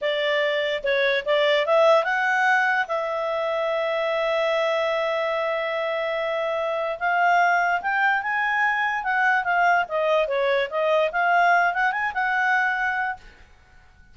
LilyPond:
\new Staff \with { instrumentName = "clarinet" } { \time 4/4 \tempo 4 = 146 d''2 cis''4 d''4 | e''4 fis''2 e''4~ | e''1~ | e''1~ |
e''4 f''2 g''4 | gis''2 fis''4 f''4 | dis''4 cis''4 dis''4 f''4~ | f''8 fis''8 gis''8 fis''2~ fis''8 | }